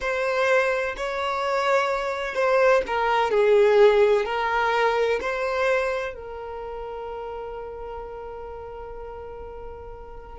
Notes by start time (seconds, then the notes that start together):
0.00 C5
0.96 C#5
2.34 C5
2.86 A#4
3.30 G#4
4.25 A#4
5.20 C5
6.14 A#4